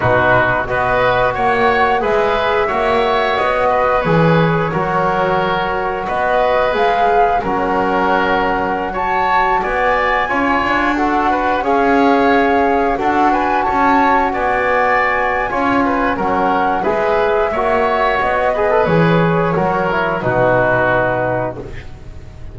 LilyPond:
<<
  \new Staff \with { instrumentName = "flute" } { \time 4/4 \tempo 4 = 89 b'4 dis''4 fis''4 e''4~ | e''4 dis''4 cis''2~ | cis''4 dis''4 f''4 fis''4~ | fis''4~ fis''16 a''4 gis''4.~ gis''16~ |
gis''16 fis''4 f''2 fis''8 gis''16~ | gis''16 a''4 gis''2~ gis''8. | fis''4 e''2 dis''4 | cis''2 b'2 | }
  \new Staff \with { instrumentName = "oboe" } { \time 4/4 fis'4 b'4 cis''4 b'4 | cis''4. b'4. ais'4~ | ais'4 b'2 ais'4~ | ais'4~ ais'16 cis''4 d''4 cis''8.~ |
cis''16 a'8 b'8 cis''2 a'8 b'16~ | b'16 cis''4 d''4.~ d''16 cis''8 b'8 | ais'4 b'4 cis''4. b'8~ | b'4 ais'4 fis'2 | }
  \new Staff \with { instrumentName = "trombone" } { \time 4/4 dis'4 fis'2 gis'4 | fis'2 gis'4 fis'4~ | fis'2 gis'4 cis'4~ | cis'4~ cis'16 fis'2 f'8.~ |
f'16 fis'4 gis'2 fis'8.~ | fis'2. f'4 | cis'4 gis'4 fis'4. gis'16 a'16 | gis'4 fis'8 e'8 dis'2 | }
  \new Staff \with { instrumentName = "double bass" } { \time 4/4 b,4 b4 ais4 gis4 | ais4 b4 e4 fis4~ | fis4 b4 gis4 fis4~ | fis2~ fis16 b4 cis'8 d'16~ |
d'4~ d'16 cis'2 d'8.~ | d'16 cis'4 b4.~ b16 cis'4 | fis4 gis4 ais4 b4 | e4 fis4 b,2 | }
>>